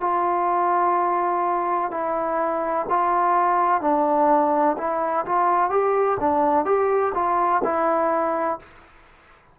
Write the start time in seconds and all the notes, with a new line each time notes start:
0.00 F4
1.90 E4
2.89 F4
3.81 D4
4.77 E4
5.25 F4
5.69 G4
6.19 D4
6.65 G4
7.14 F4
7.64 E4